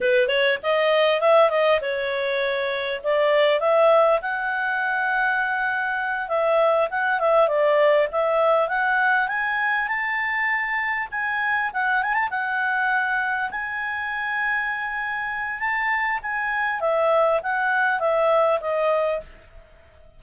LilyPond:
\new Staff \with { instrumentName = "clarinet" } { \time 4/4 \tempo 4 = 100 b'8 cis''8 dis''4 e''8 dis''8 cis''4~ | cis''4 d''4 e''4 fis''4~ | fis''2~ fis''8 e''4 fis''8 | e''8 d''4 e''4 fis''4 gis''8~ |
gis''8 a''2 gis''4 fis''8 | gis''16 a''16 fis''2 gis''4.~ | gis''2 a''4 gis''4 | e''4 fis''4 e''4 dis''4 | }